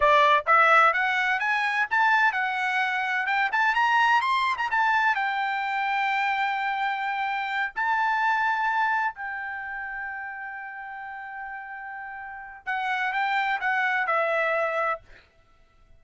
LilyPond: \new Staff \with { instrumentName = "trumpet" } { \time 4/4 \tempo 4 = 128 d''4 e''4 fis''4 gis''4 | a''4 fis''2 g''8 a''8 | ais''4 c'''8. ais''16 a''4 g''4~ | g''1~ |
g''8 a''2. g''8~ | g''1~ | g''2. fis''4 | g''4 fis''4 e''2 | }